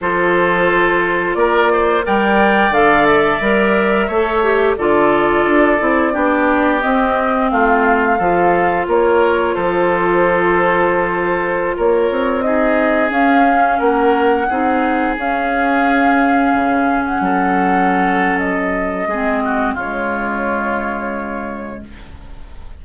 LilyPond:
<<
  \new Staff \with { instrumentName = "flute" } { \time 4/4 \tempo 4 = 88 c''2 d''4 g''4 | f''8 e''2~ e''8 d''4~ | d''2 dis''4 f''4~ | f''4 cis''4 c''2~ |
c''4~ c''16 cis''4 dis''4 f''8.~ | f''16 fis''2 f''4.~ f''16~ | f''4 fis''2 dis''4~ | dis''4 cis''2. | }
  \new Staff \with { instrumentName = "oboe" } { \time 4/4 a'2 ais'8 c''8 d''4~ | d''2 cis''4 a'4~ | a'4 g'2 f'4 | a'4 ais'4 a'2~ |
a'4~ a'16 ais'4 gis'4.~ gis'16~ | gis'16 ais'4 gis'2~ gis'8.~ | gis'4~ gis'16 a'2~ a'8. | gis'8 fis'8 f'2. | }
  \new Staff \with { instrumentName = "clarinet" } { \time 4/4 f'2. ais'4 | a'4 ais'4 a'8 g'8 f'4~ | f'8 e'8 d'4 c'2 | f'1~ |
f'2~ f'16 dis'4 cis'8.~ | cis'4~ cis'16 dis'4 cis'4.~ cis'16~ | cis'1 | c'4 gis2. | }
  \new Staff \with { instrumentName = "bassoon" } { \time 4/4 f2 ais4 g4 | d4 g4 a4 d4 | d'8 c'8 b4 c'4 a4 | f4 ais4 f2~ |
f4~ f16 ais8 c'4. cis'8.~ | cis'16 ais4 c'4 cis'4.~ cis'16~ | cis'16 cis4 fis2~ fis8. | gis4 cis2. | }
>>